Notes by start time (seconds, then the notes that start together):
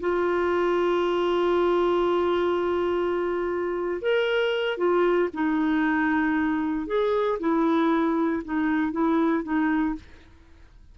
0.00 F4
4.01 A#4
4.77 F4
5.33 D#4
6.87 G#4
7.39 E4
8.45 D#4
8.92 E4
9.43 D#4